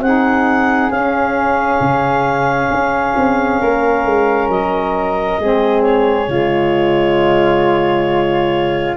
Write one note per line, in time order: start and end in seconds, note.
0.00 0.90 C4
0.00 0.91 D#4
0.00 3.61 G#4
0.00 0.91 F#5
0.90 1.80 C#4
0.90 5.39 C#4
0.90 4.49 F5
1.81 2.70 C#3
2.71 3.16 C#4
3.17 3.62 C4
3.61 4.05 A#3
3.61 5.40 A#4
4.05 4.48 G#3
4.48 5.38 F#3
4.48 5.82 D#5
5.39 6.28 G#3
5.39 6.27 C4
5.39 6.30 G#4
5.82 8.96 C#5
6.27 8.97 C#3
6.27 8.96 G#3
6.27 8.97 F4